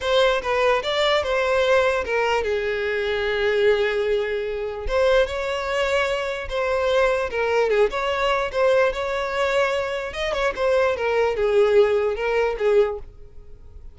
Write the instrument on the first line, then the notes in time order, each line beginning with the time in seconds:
violin
0.01 C5
0.41 B4
0.82 D5
1.23 C5
2.04 A#4
2.43 G#4
4.87 C5
5.26 C#5
6.49 C5
7.30 A#4
7.69 G#4
7.90 C#5
8.52 C5
8.92 C#5
10.13 D#5
10.33 C#5
10.55 C5
10.96 A#4
11.36 G#4
12.15 A#4
12.58 G#4